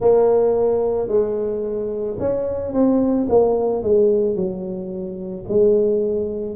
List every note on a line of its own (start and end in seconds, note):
0.00 1.08 A#3
1.08 2.17 G#3
2.19 2.73 C#4
2.73 3.27 C4
3.29 3.82 A#3
3.82 4.35 G#3
4.35 5.44 F#3
5.48 6.56 G#3